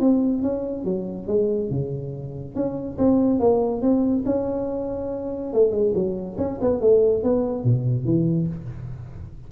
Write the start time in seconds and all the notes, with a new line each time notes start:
0.00 C4
0.42 C#4
0.84 F#3
1.27 G#3
1.70 C#3
2.55 C#4
2.98 C4
3.39 A#3
3.82 C4
4.26 C#4
5.53 A3
5.71 G#3
5.95 F#3
6.38 C#4
6.61 B3
6.80 A3
7.23 B3
7.64 B2
8.05 E3